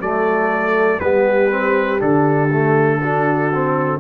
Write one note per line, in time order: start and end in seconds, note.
0.00 1.00 F#3
0.00 1.01 A3
0.00 1.01 A4
0.00 1.00 D5
1.00 2.01 G3
1.00 1.51 B3
1.00 3.01 G4
1.00 2.00 B4
1.51 1.99 C4
1.99 4.00 D3
1.99 2.49 D4
1.99 4.00 A4
2.51 3.01 A3
3.01 3.52 D4
3.01 4.00 F#4
3.53 4.00 C4